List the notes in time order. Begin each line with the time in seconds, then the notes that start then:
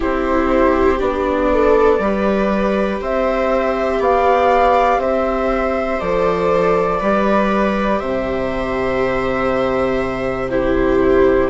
0.00 C4 E4 G4 C5
0.99 B3 D4 D5
1.52 A4
1.99 G3 G4 B4
3.01 C4 C5 E5
3.99 B3 D5 F5
4.97 C4 C5 E5
6.00 F3 A4 D5
6.99 G3 G4 B4
7.99 C3 C5 E5
10.50 E4 G4 C5